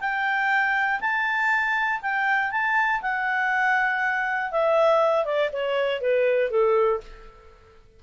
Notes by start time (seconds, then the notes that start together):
0.00 G5
1.00 A5
2.01 G5
2.51 A5
3.01 F#5
4.51 E5
5.25 D5
5.52 C#5
6.01 B4
6.50 A4